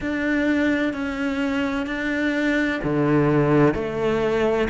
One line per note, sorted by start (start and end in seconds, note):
0.00 0.93 D4
0.93 1.86 C#4
1.86 2.80 D4
2.83 3.74 D3
3.74 4.68 A3